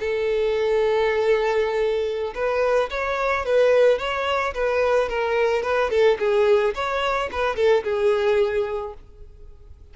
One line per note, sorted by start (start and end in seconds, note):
0.00 2.34 A4
2.34 2.89 B4
2.90 3.45 C#5
3.45 3.99 B4
3.99 4.54 C#5
4.54 5.09 B4
5.09 5.63 A#4
5.63 5.90 B4
5.90 6.18 A4
6.19 6.74 G#4
6.75 7.30 C#5
7.32 7.56 B4
7.56 7.84 A4
7.84 8.94 G#4